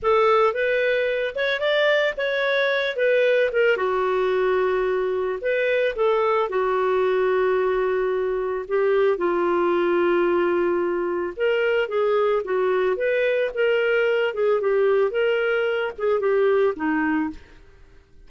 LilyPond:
\new Staff \with { instrumentName = "clarinet" } { \time 4/4 \tempo 4 = 111 a'4 b'4. cis''8 d''4 | cis''4. b'4 ais'8 fis'4~ | fis'2 b'4 a'4 | fis'1 |
g'4 f'2.~ | f'4 ais'4 gis'4 fis'4 | b'4 ais'4. gis'8 g'4 | ais'4. gis'8 g'4 dis'4 | }